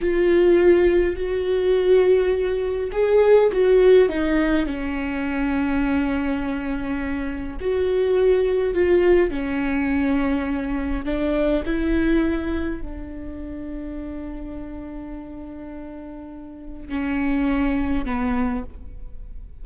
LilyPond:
\new Staff \with { instrumentName = "viola" } { \time 4/4 \tempo 4 = 103 f'2 fis'2~ | fis'4 gis'4 fis'4 dis'4 | cis'1~ | cis'4 fis'2 f'4 |
cis'2. d'4 | e'2 d'2~ | d'1~ | d'4 cis'2 b4 | }